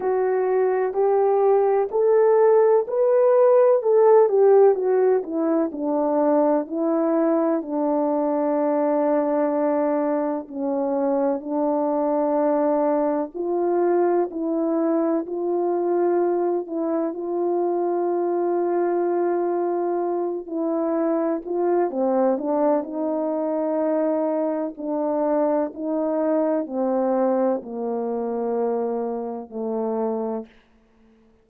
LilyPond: \new Staff \with { instrumentName = "horn" } { \time 4/4 \tempo 4 = 63 fis'4 g'4 a'4 b'4 | a'8 g'8 fis'8 e'8 d'4 e'4 | d'2. cis'4 | d'2 f'4 e'4 |
f'4. e'8 f'2~ | f'4. e'4 f'8 c'8 d'8 | dis'2 d'4 dis'4 | c'4 ais2 a4 | }